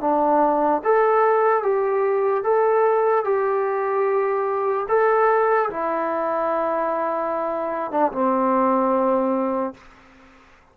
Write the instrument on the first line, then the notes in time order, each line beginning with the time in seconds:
trombone
0.00 D4
0.84 A4
1.63 G4
2.43 A4
3.24 G4
4.88 A4
5.70 E4
7.91 D4
8.12 C4